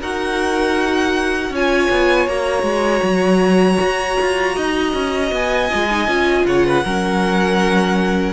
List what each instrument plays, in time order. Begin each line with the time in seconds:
0.00 cello D#4, viola F#4, violin A#4 F#5
1.50 cello C#4, viola F4, violin C#5 G#5
1.90 cello B3
2.27 cello A#3, viola F#4, violin A#5
2.62 cello G#3
3.02 cello F#3
3.80 cello F#4
4.21 cello F4
4.55 cello D#4, violin D#5
4.93 cello C#4
5.31 cello B3, violin G#5
5.70 cello G#3, viola F4
5.90 viola D#4
6.07 cello C#4, viola F4
6.46 cello C#3, violin C#5 F#5
6.66 violin B4
6.84 cello F#3, viola C#4, violin A#4